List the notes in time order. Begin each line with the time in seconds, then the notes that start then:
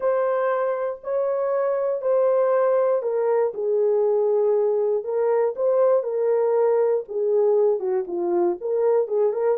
0.00 C5
1.03 C#5
2.01 C5
3.02 A#4
3.53 G#4
5.04 A#4
5.56 C5
6.03 A#4
7.08 G#4
7.79 F#4
8.07 F4
8.61 A#4
9.07 G#4
9.33 A#4